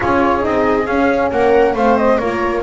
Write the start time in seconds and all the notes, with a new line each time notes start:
0.00 C#4 F4 G#4 C#5
0.41 C4 D#4 D#5
0.86 C#4 F5
1.31 A#3 A#4 F#5
1.74 A3 C4 C5 F5
1.97 D#5
2.18 A#3 F4 A#4 C#5